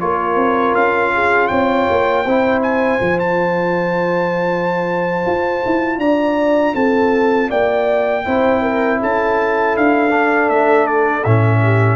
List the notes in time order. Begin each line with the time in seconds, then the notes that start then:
0.00 A#3 F4 A#4 C#5
0.36 C4
0.75 C#4 F5
1.14 G#4
1.47 C4 C#5 G5
1.90 A#3
2.24 C4 E4 C5
2.62 G#5
3.00 F3 F4
3.19 A5
5.26 F4
5.65 E4
5.98 D4 D5 A#5
6.75 C4 A4 A5
7.49 A#3 D5 G5
8.25 C4 E4 C5
8.62 A#4
9.00 C#4 A4 A5
9.77 D4 F5
10.09 D4
10.49 A3 E5
10.87 D5
11.24 A2 C#4 E5
11.62 G4